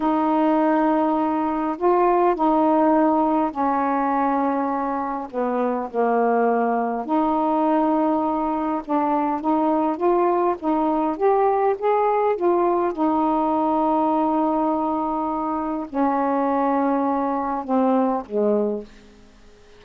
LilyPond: \new Staff \with { instrumentName = "saxophone" } { \time 4/4 \tempo 4 = 102 dis'2. f'4 | dis'2 cis'2~ | cis'4 b4 ais2 | dis'2. d'4 |
dis'4 f'4 dis'4 g'4 | gis'4 f'4 dis'2~ | dis'2. cis'4~ | cis'2 c'4 gis4 | }